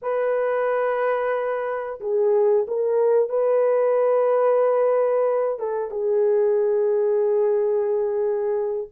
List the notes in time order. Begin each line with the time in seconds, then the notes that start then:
0.01 B4
2.00 G#4
2.67 A#4
3.29 B4
5.59 A4
5.90 G#4